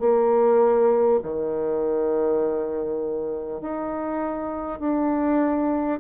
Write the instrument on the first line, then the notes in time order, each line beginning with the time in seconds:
bassoon
0.00 A#3
1.23 D#3
3.62 D#4
4.79 D4